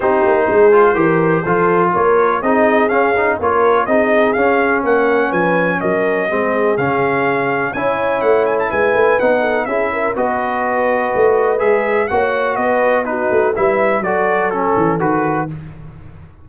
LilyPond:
<<
  \new Staff \with { instrumentName = "trumpet" } { \time 4/4 \tempo 4 = 124 c''1 | cis''4 dis''4 f''4 cis''4 | dis''4 f''4 fis''4 gis''4 | dis''2 f''2 |
gis''4 fis''8 gis''16 a''16 gis''4 fis''4 | e''4 dis''2. | e''4 fis''4 dis''4 b'4 | e''4 d''4 a'4 b'4 | }
  \new Staff \with { instrumentName = "horn" } { \time 4/4 g'4 gis'4 ais'4 a'4 | ais'4 gis'2 ais'4 | gis'2 ais'4 b'4 | ais'4 gis'2. |
cis''2 b'4. a'8 | gis'8 ais'8 b'2.~ | b'4 cis''4 b'4 fis'4 | b'4 a'2. | }
  \new Staff \with { instrumentName = "trombone" } { \time 4/4 dis'4. f'8 g'4 f'4~ | f'4 dis'4 cis'8 dis'8 f'4 | dis'4 cis'2.~ | cis'4 c'4 cis'2 |
e'2. dis'4 | e'4 fis'2. | gis'4 fis'2 dis'4 | e'4 fis'4 cis'4 fis'4 | }
  \new Staff \with { instrumentName = "tuba" } { \time 4/4 c'8 ais8 gis4 e4 f4 | ais4 c'4 cis'4 ais4 | c'4 cis'4 ais4 f4 | fis4 gis4 cis2 |
cis'4 a4 gis8 a8 b4 | cis'4 b2 a4 | gis4 ais4 b4. a8 | g4 fis4. e8 dis4 | }
>>